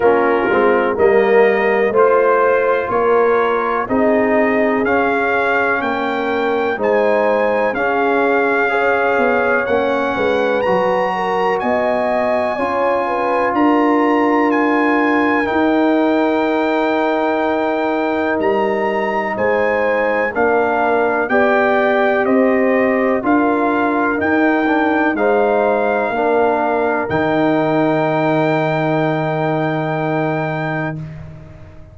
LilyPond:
<<
  \new Staff \with { instrumentName = "trumpet" } { \time 4/4 \tempo 4 = 62 ais'4 dis''4 c''4 cis''4 | dis''4 f''4 g''4 gis''4 | f''2 fis''4 ais''4 | gis''2 ais''4 gis''4 |
g''2. ais''4 | gis''4 f''4 g''4 dis''4 | f''4 g''4 f''2 | g''1 | }
  \new Staff \with { instrumentName = "horn" } { \time 4/4 f'4 ais'4 c''4 ais'4 | gis'2 ais'4 c''4 | gis'4 cis''4. b'4 ais'8 | dis''4 cis''8 b'8 ais'2~ |
ais'1 | c''4 ais'4 d''4 c''4 | ais'2 c''4 ais'4~ | ais'1 | }
  \new Staff \with { instrumentName = "trombone" } { \time 4/4 cis'8 c'8 ais4 f'2 | dis'4 cis'2 dis'4 | cis'4 gis'4 cis'4 fis'4~ | fis'4 f'2. |
dis'1~ | dis'4 d'4 g'2 | f'4 dis'8 d'8 dis'4 d'4 | dis'1 | }
  \new Staff \with { instrumentName = "tuba" } { \time 4/4 ais8 gis8 g4 a4 ais4 | c'4 cis'4 ais4 gis4 | cis'4. b8 ais8 gis8 fis4 | b4 cis'4 d'2 |
dis'2. g4 | gis4 ais4 b4 c'4 | d'4 dis'4 gis4 ais4 | dis1 | }
>>